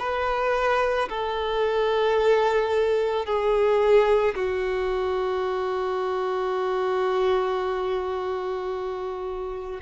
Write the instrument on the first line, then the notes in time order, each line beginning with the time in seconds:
violin
0.00 B4
1.10 A4
3.26 G#4
4.35 F#4